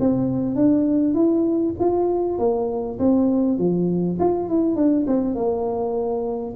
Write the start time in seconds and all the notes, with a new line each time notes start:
0.00 C4
0.56 D4
1.14 E4
1.79 F4
2.39 A#3
2.99 C4
3.59 F3
4.19 F4
4.49 E4
4.76 D4
5.07 C4
5.35 A#3